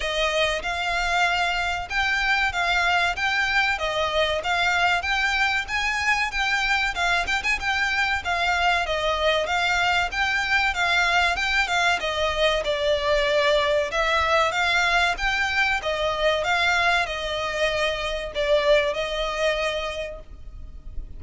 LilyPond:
\new Staff \with { instrumentName = "violin" } { \time 4/4 \tempo 4 = 95 dis''4 f''2 g''4 | f''4 g''4 dis''4 f''4 | g''4 gis''4 g''4 f''8 g''16 gis''16 | g''4 f''4 dis''4 f''4 |
g''4 f''4 g''8 f''8 dis''4 | d''2 e''4 f''4 | g''4 dis''4 f''4 dis''4~ | dis''4 d''4 dis''2 | }